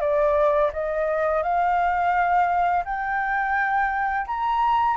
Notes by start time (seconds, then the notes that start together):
0.00 D5
0.73 D#5
1.42 F5
2.85 G5
4.26 A#5